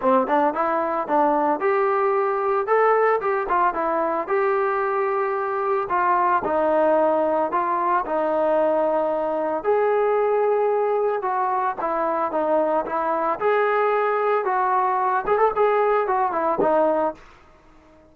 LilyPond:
\new Staff \with { instrumentName = "trombone" } { \time 4/4 \tempo 4 = 112 c'8 d'8 e'4 d'4 g'4~ | g'4 a'4 g'8 f'8 e'4 | g'2. f'4 | dis'2 f'4 dis'4~ |
dis'2 gis'2~ | gis'4 fis'4 e'4 dis'4 | e'4 gis'2 fis'4~ | fis'8 gis'16 a'16 gis'4 fis'8 e'8 dis'4 | }